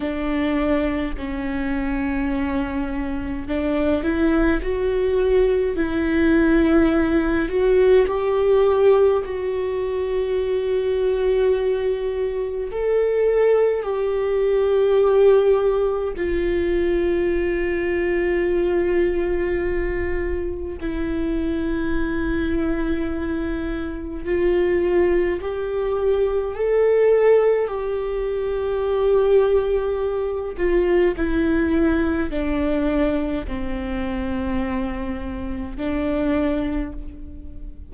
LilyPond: \new Staff \with { instrumentName = "viola" } { \time 4/4 \tempo 4 = 52 d'4 cis'2 d'8 e'8 | fis'4 e'4. fis'8 g'4 | fis'2. a'4 | g'2 f'2~ |
f'2 e'2~ | e'4 f'4 g'4 a'4 | g'2~ g'8 f'8 e'4 | d'4 c'2 d'4 | }